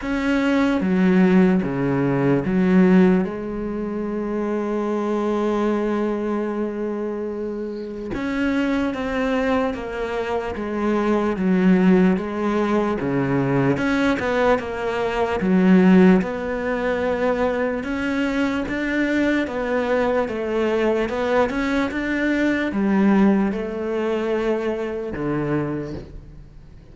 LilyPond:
\new Staff \with { instrumentName = "cello" } { \time 4/4 \tempo 4 = 74 cis'4 fis4 cis4 fis4 | gis1~ | gis2 cis'4 c'4 | ais4 gis4 fis4 gis4 |
cis4 cis'8 b8 ais4 fis4 | b2 cis'4 d'4 | b4 a4 b8 cis'8 d'4 | g4 a2 d4 | }